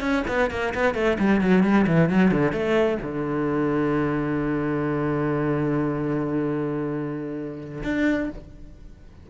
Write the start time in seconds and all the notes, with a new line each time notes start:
0.00 C#4
0.27 B3
0.50 A#3
0.74 B3
0.94 A3
1.19 G3
1.40 F#3
1.63 G3
1.87 E3
2.09 F#3
2.31 D3
2.52 A3
3.01 D3
7.83 D4